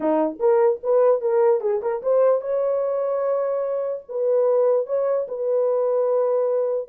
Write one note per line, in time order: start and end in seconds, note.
0.00 0.38 D#4
0.39 0.80 A#4
0.83 1.21 B4
1.21 1.61 A#4
1.61 1.81 G#4
1.82 2.02 A#4
2.02 2.41 C5
2.41 4.03 C#5
4.08 4.86 B4
4.86 5.26 C#5
5.28 6.88 B4